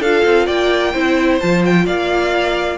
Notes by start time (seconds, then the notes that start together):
0.00 D4 F4 A4 F5
0.25 C4
0.46 A#3 D5 G5
0.93 C4 E4 C5
1.40 F3 F4 A5
1.65 G5
1.85 A#3 D5 F5